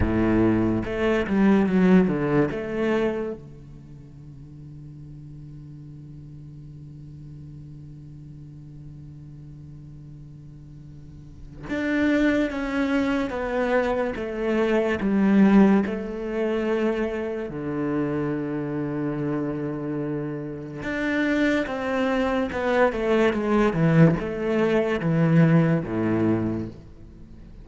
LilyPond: \new Staff \with { instrumentName = "cello" } { \time 4/4 \tempo 4 = 72 a,4 a8 g8 fis8 d8 a4 | d1~ | d1~ | d2 d'4 cis'4 |
b4 a4 g4 a4~ | a4 d2.~ | d4 d'4 c'4 b8 a8 | gis8 e8 a4 e4 a,4 | }